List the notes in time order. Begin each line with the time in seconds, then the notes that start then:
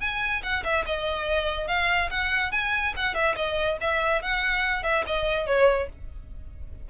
0.00 G#5
0.42 F#5
0.64 E5
0.86 D#5
1.67 F5
2.10 F#5
2.51 G#5
2.96 F#5
3.14 E5
3.35 D#5
3.80 E5
4.22 F#5
4.83 E5
5.06 D#5
5.47 C#5